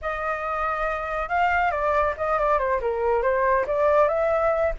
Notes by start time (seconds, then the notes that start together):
0.01 D#5
1.29 F5
1.71 D5
2.17 D#5
2.39 D5
2.58 C5
2.80 A#4
3.22 C5
3.67 D5
4.08 E5